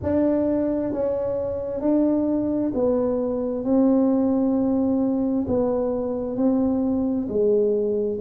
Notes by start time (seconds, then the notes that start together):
0.02 D4
0.92 C#4
1.81 D4
2.74 B3
3.64 C4
5.47 B3
6.36 C4
7.28 G#3